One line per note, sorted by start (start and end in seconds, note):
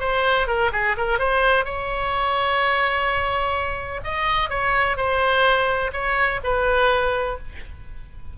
0.00 0.47 C5
0.47 0.70 A#4
0.72 0.96 G#4
0.97 1.19 A#4
1.19 1.64 C5
1.64 4.01 C#5
4.04 4.49 D#5
4.49 4.96 C#5
4.96 5.91 C5
5.93 6.40 C#5
6.43 7.38 B4